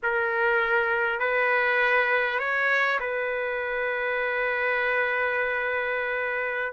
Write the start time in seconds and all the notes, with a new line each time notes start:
0.02 A#4
1.19 B4
2.39 C#5
3.00 B4